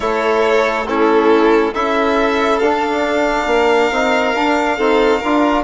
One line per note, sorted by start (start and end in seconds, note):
0.00 1.72 A3
0.00 0.86 E4
0.00 0.88 A4
0.00 0.87 C#5
0.87 1.74 C#4
0.87 1.73 E4
0.87 1.74 A4
1.73 2.60 C#4
1.73 2.61 E4
1.73 3.47 A4
1.73 2.59 E5
2.59 3.46 D4
2.59 3.92 D4
2.59 5.63 F5
3.46 3.89 A#3
3.46 4.77 A#4
3.90 4.34 C4
3.90 4.34 D#4
4.34 4.78 D4
4.77 5.21 C4
4.77 5.22 D#4
4.77 5.19 A4
5.19 5.64 D4
5.19 5.64 F4
5.19 5.62 A#4